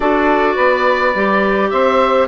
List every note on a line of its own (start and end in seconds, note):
0.00 0.57 D4
0.00 1.14 F#4
0.00 0.55 A4
0.00 1.70 D5
0.55 1.14 B3
0.55 1.69 B4
1.14 1.71 G3
1.14 2.28 G4
1.70 2.28 C4
1.70 2.28 C5
1.70 2.27 E5